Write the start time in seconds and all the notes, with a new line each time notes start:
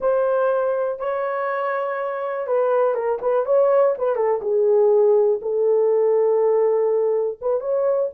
0.00 C5
0.99 C#5
2.46 B4
2.94 A#4
3.21 B4
3.45 C#5
3.97 B4
4.15 A4
4.42 G#4
5.41 A4
7.41 B4
7.60 C#5